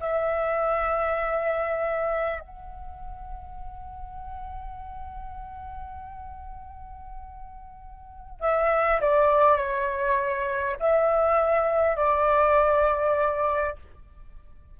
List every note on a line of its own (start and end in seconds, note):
0.00 2.40 E5
2.40 8.40 F#5
8.40 9.00 E5
9.01 9.57 D5
9.57 10.77 C#5
10.79 11.96 E5
11.96 13.76 D5